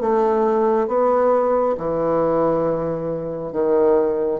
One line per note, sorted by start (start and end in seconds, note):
0.00 0.87 A3
0.87 1.76 B3
1.77 3.52 E3
3.52 4.40 D#3